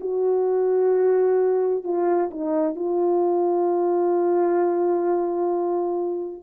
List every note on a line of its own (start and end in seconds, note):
0.00 1.84 F#4
1.84 2.30 F4
2.30 2.76 D#4
2.76 6.42 F4